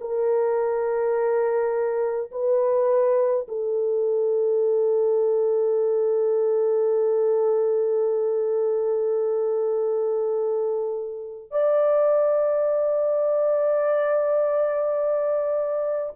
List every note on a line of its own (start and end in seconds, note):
0.00 2.31 A#4
2.31 3.47 B4
3.48 11.51 A4
11.51 16.12 D5